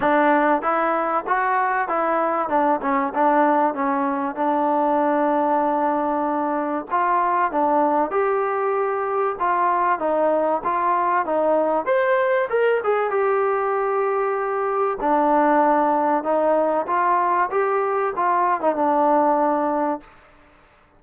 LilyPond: \new Staff \with { instrumentName = "trombone" } { \time 4/4 \tempo 4 = 96 d'4 e'4 fis'4 e'4 | d'8 cis'8 d'4 cis'4 d'4~ | d'2. f'4 | d'4 g'2 f'4 |
dis'4 f'4 dis'4 c''4 | ais'8 gis'8 g'2. | d'2 dis'4 f'4 | g'4 f'8. dis'16 d'2 | }